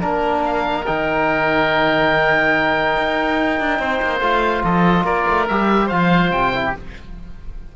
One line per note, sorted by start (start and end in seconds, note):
0.00 0.87 A#3
0.00 0.85 D4
0.00 0.42 A#4
0.00 3.79 A#4
0.46 0.86 F5
0.86 2.97 D#3
0.86 4.22 D#4
0.86 4.20 G5
2.97 3.60 D#4
3.60 3.79 D4
3.79 4.00 C4
3.79 4.65 C5
4.02 4.21 A#3
4.20 4.63 A3
4.20 5.47 F4
4.20 4.62 F5
4.64 5.04 F3
4.64 5.05 A4
4.64 5.06 D#5
5.04 5.25 A#3
5.04 5.86 A#4
5.04 5.47 D5
5.29 5.50 A3
5.48 5.92 G3
5.48 5.92 G4
5.48 5.89 E5
5.86 6.31 F3
5.86 6.54 F4
5.86 6.60 C5
5.86 6.31 F5
6.31 6.73 C3
6.31 6.74 G5
6.54 6.75 E4
6.65 6.76 G4